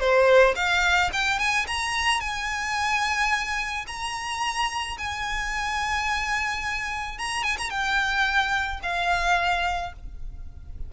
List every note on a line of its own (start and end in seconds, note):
0.00 0.55 C5
0.56 1.11 F5
1.13 1.39 G5
1.39 1.66 G#5
1.68 2.21 A#5
2.21 3.86 G#5
3.87 4.97 A#5
4.98 7.19 G#5
7.19 7.44 A#5
7.44 7.57 G#5
7.58 7.70 A#5
7.70 8.80 G5
8.83 9.93 F5